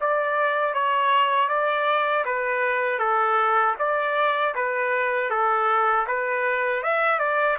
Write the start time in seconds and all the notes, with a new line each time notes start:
0.00 D5
0.74 C#5
1.48 D5
2.25 B4
2.99 A4
3.78 D5
4.55 B4
5.30 A4
6.07 B4
6.83 E5
7.19 D5